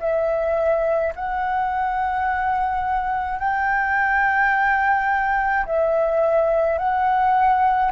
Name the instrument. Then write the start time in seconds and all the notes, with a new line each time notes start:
flute
0.00 E5
1.16 F#5
3.40 G5
5.66 E5
6.79 F#5